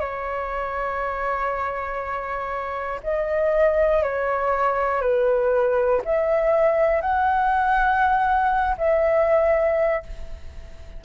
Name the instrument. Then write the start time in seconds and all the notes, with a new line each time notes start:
flute
0.00 C#5
3.03 D#5
4.03 C#5
5.01 B4
6.05 E5
7.01 F#5
8.77 E5